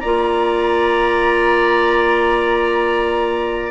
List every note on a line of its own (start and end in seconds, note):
0.00 3.71 A#3
0.00 3.71 F4
0.00 3.71 D5
0.00 3.71 A#5